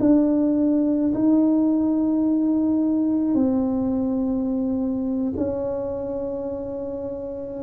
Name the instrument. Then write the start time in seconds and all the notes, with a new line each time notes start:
tuba
0.00 D4
1.14 D#4
3.34 C4
5.37 C#4